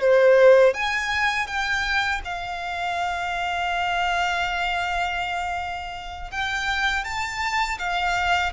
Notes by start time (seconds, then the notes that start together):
0.00 C5
0.74 G#5
1.46 G5
2.24 F5
6.31 G5
7.04 A5
7.78 F5